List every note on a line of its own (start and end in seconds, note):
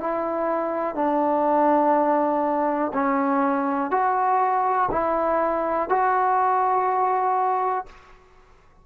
0.00 0.95 E4
0.95 2.92 D4
2.94 3.91 C#4
3.91 4.89 F#4
4.91 5.89 E4
5.89 7.86 F#4